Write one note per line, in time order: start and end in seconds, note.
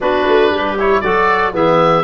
0.00 0.26 B3
0.00 0.77 D4
0.00 0.51 F#4
0.00 0.78 B4
0.27 0.50 A3
0.50 1.01 G3
0.50 1.03 G4
0.79 1.04 E4
0.79 1.00 C#5
1.00 1.53 F#3
1.00 1.53 F#4
1.00 1.53 A4
1.00 1.52 D5
1.53 2.03 E3
1.53 2.03 B3
1.53 2.03 G#4
1.53 2.03 E5